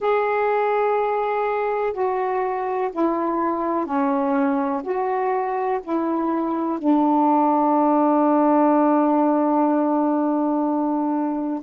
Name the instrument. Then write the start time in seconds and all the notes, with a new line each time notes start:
saxophone
0.00 G#4
1.93 F#4
2.92 E4
3.85 C#4
4.83 F#4
5.83 E4
6.78 D4